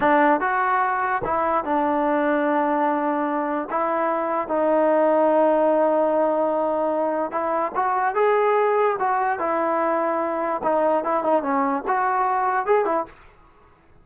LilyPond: \new Staff \with { instrumentName = "trombone" } { \time 4/4 \tempo 4 = 147 d'4 fis'2 e'4 | d'1~ | d'4 e'2 dis'4~ | dis'1~ |
dis'2 e'4 fis'4 | gis'2 fis'4 e'4~ | e'2 dis'4 e'8 dis'8 | cis'4 fis'2 gis'8 e'8 | }